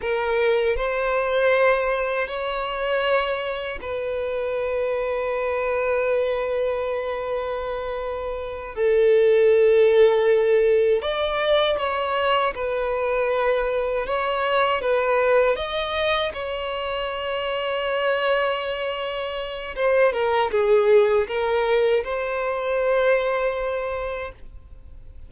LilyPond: \new Staff \with { instrumentName = "violin" } { \time 4/4 \tempo 4 = 79 ais'4 c''2 cis''4~ | cis''4 b'2.~ | b'2.~ b'8 a'8~ | a'2~ a'8 d''4 cis''8~ |
cis''8 b'2 cis''4 b'8~ | b'8 dis''4 cis''2~ cis''8~ | cis''2 c''8 ais'8 gis'4 | ais'4 c''2. | }